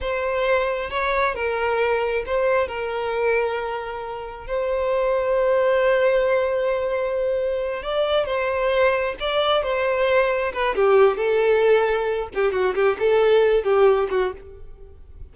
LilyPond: \new Staff \with { instrumentName = "violin" } { \time 4/4 \tempo 4 = 134 c''2 cis''4 ais'4~ | ais'4 c''4 ais'2~ | ais'2 c''2~ | c''1~ |
c''4. d''4 c''4.~ | c''8 d''4 c''2 b'8 | g'4 a'2~ a'8 g'8 | fis'8 g'8 a'4. g'4 fis'8 | }